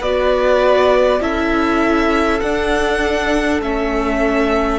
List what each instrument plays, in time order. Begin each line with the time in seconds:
0.00 cello B3, viola F#4, violin B4 D5
1.21 cello C#4, viola E4, violin A4 E5
2.41 viola D4, cello D4, violin F#5
3.62 cello A3, viola C#4, violin E5